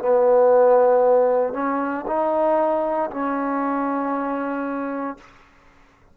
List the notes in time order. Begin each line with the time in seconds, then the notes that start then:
0.00 B3
1.54 C#4
2.07 D#4
3.11 C#4